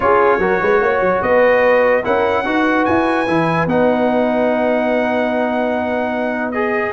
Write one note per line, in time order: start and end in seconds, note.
0.00 0.38 C#4
0.00 0.39 F4
0.00 0.40 G#4
0.00 1.22 C#5
0.38 0.58 F#3
0.38 2.03 F#4
0.38 0.60 A#4
0.61 0.81 G#3
0.61 0.81 B4
0.81 1.00 A#3
0.81 1.23 C#5
1.00 1.21 F#3
1.22 2.03 B3
1.22 2.04 B4
1.22 2.03 D#5
2.03 2.45 C#4
2.03 2.44 E4
2.03 2.45 A#4
2.03 2.85 F#5
2.45 2.86 D#4
2.45 3.26 F#4
2.45 6.92 B4
2.85 3.27 E4
2.85 3.66 G#5
3.27 3.66 E3
3.27 3.67 E4
3.66 6.92 B3
3.66 6.54 D#4
3.66 6.51 F#5
6.51 6.92 G#4
6.51 6.92 D#5